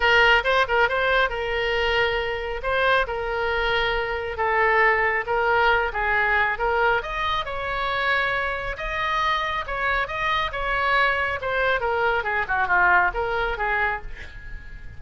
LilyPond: \new Staff \with { instrumentName = "oboe" } { \time 4/4 \tempo 4 = 137 ais'4 c''8 ais'8 c''4 ais'4~ | ais'2 c''4 ais'4~ | ais'2 a'2 | ais'4. gis'4. ais'4 |
dis''4 cis''2. | dis''2 cis''4 dis''4 | cis''2 c''4 ais'4 | gis'8 fis'8 f'4 ais'4 gis'4 | }